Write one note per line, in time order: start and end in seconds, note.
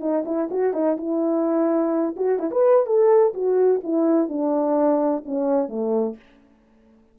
0.00 0.24 D#4
0.25 0.49 E4
0.50 0.73 F#4
0.73 0.97 D#4
0.97 2.15 E4
2.16 2.39 F#4
2.39 2.50 E4
2.51 2.86 B4
2.86 3.33 A4
3.33 3.81 F#4
3.83 4.28 E4
4.28 5.23 D4
5.25 5.68 C#4
5.68 6.16 A3